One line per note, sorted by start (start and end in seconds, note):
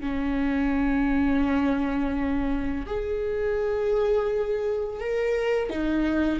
0.00 2.86 C#4
2.86 5.00 G#4
5.00 5.70 A#4
5.70 6.39 D#4